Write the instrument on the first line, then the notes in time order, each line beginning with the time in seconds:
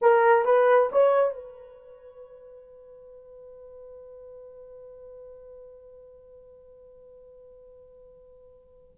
horn
0.01 A#4
0.45 B4
0.91 C#5
1.34 B4